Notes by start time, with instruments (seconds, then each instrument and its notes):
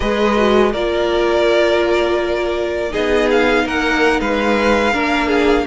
0.00 cello G#3, viola G#4, violin B4 D#5
0.36 viola F#4
0.71 cello A#3, viola F4, violin A#4 D5
2.90 cello B3, viola D#4, violin G#4 D#5
3.30 violin F5
3.65 cello A#3, violin A#4 F#5
4.20 cello G#3, violin B4 F5
4.93 cello A#3, viola D4, violin A#4
5.27 violin G#4